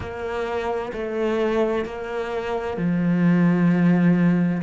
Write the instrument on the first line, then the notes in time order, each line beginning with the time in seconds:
cello
0.00 A#3
0.92 A3
1.85 A#3
2.77 F3